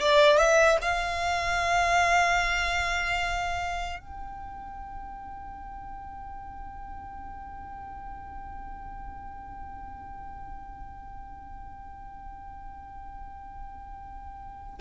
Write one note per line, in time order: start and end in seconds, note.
0.00 0.38 D5
0.38 0.78 E5
0.81 4.00 F5
4.00 14.80 G5